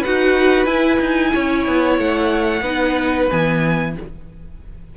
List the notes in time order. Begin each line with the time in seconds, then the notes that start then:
0.00 D#4 F#4 B4 F#5
0.65 E4 G#5
1.00 D#4
1.33 C#4 C#5
1.68 B3
1.99 A3 F#5
2.61 B3 D#4 B4
3.30 E3 B3 G#5